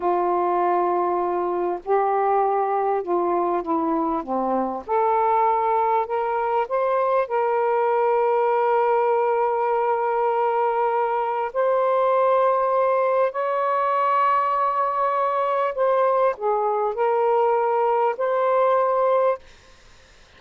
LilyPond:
\new Staff \with { instrumentName = "saxophone" } { \time 4/4 \tempo 4 = 99 f'2. g'4~ | g'4 f'4 e'4 c'4 | a'2 ais'4 c''4 | ais'1~ |
ais'2. c''4~ | c''2 cis''2~ | cis''2 c''4 gis'4 | ais'2 c''2 | }